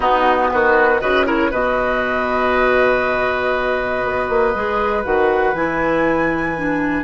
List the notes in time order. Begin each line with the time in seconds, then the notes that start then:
0.00 B3 D#4 F#4
0.51 D#3 F#4 B4
1.00 C#3 F#4 B4 D#5
1.25 E4 A#4 C#5
1.51 B2 F#4 B4 D#5
4.04 B3
4.29 A#3
4.55 G#3 G#4
5.03 D#3 F#4 F#5
5.53 E3 E4 G#5
6.56 D4